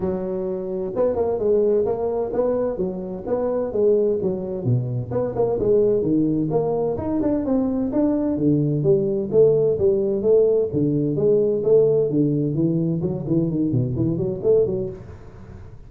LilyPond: \new Staff \with { instrumentName = "tuba" } { \time 4/4 \tempo 4 = 129 fis2 b8 ais8 gis4 | ais4 b4 fis4 b4 | gis4 fis4 b,4 b8 ais8 | gis4 dis4 ais4 dis'8 d'8 |
c'4 d'4 d4 g4 | a4 g4 a4 d4 | gis4 a4 d4 e4 | fis8 e8 dis8 b,8 e8 fis8 a8 fis8 | }